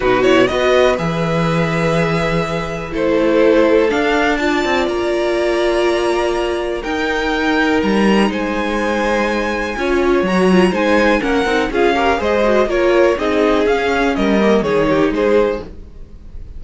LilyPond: <<
  \new Staff \with { instrumentName = "violin" } { \time 4/4 \tempo 4 = 123 b'8 cis''8 dis''4 e''2~ | e''2 c''2 | f''4 a''4 ais''2~ | ais''2 g''2 |
ais''4 gis''2.~ | gis''4 ais''4 gis''4 fis''4 | f''4 dis''4 cis''4 dis''4 | f''4 dis''4 cis''4 c''4 | }
  \new Staff \with { instrumentName = "violin" } { \time 4/4 fis'4 b'2.~ | b'2 a'2~ | a'4 d''2.~ | d''2 ais'2~ |
ais'4 c''2. | cis''2 c''4 ais'4 | gis'8 ais'8 c''4 ais'4 gis'4~ | gis'4 ais'4 gis'8 g'8 gis'4 | }
  \new Staff \with { instrumentName = "viola" } { \time 4/4 dis'8 e'8 fis'4 gis'2~ | gis'2 e'2 | d'4 f'2.~ | f'2 dis'2~ |
dis'1 | f'4 fis'8 f'8 dis'4 cis'8 dis'8 | f'8 g'8 gis'8 fis'8 f'4 dis'4 | cis'4. ais8 dis'2 | }
  \new Staff \with { instrumentName = "cello" } { \time 4/4 b,4 b4 e2~ | e2 a2 | d'4. c'8 ais2~ | ais2 dis'2 |
g4 gis2. | cis'4 fis4 gis4 ais8 c'8 | cis'4 gis4 ais4 c'4 | cis'4 g4 dis4 gis4 | }
>>